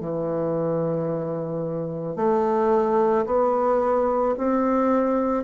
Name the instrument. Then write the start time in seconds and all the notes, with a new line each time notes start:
bassoon
0.00 E3
2.16 A3
3.25 B3
4.37 C4